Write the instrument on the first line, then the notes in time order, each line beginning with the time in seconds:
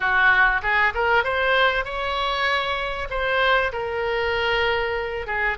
oboe
0.00 F#4
0.62 G#4
0.94 A#4
1.24 C5
1.84 C#5
3.10 C5
3.72 A#4
5.26 G#4